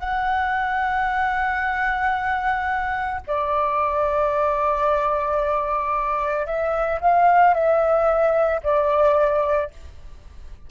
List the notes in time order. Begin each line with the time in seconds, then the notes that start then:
0.00 F#5
3.28 D5
6.47 E5
7.01 F5
7.54 E5
8.64 D5